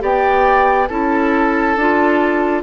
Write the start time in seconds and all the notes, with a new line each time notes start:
0.00 B3 G4 D5 G5
0.87 C#4 E4 A4 A5
1.76 D4 F4